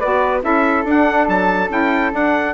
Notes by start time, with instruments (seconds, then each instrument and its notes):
0.00 bassoon B3, saxophone F#4, flute B4, trumpet D5
0.42 bassoon C#4, saxophone E4, flute A4, trumpet E5
0.85 bassoon D4, saxophone D4, trumpet F#5
1.28 bassoon F#3, trumpet A5
1.70 bassoon C#4, saxophone E4, trumpet G5
2.12 saxophone D4, bassoon D4, trumpet F#5